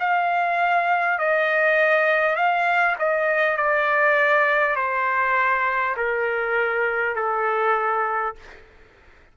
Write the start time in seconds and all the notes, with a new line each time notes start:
0.00 F5
1.18 D#5
2.36 F5
2.99 D#5
3.57 D5
4.76 C5
5.97 A#4
7.15 A4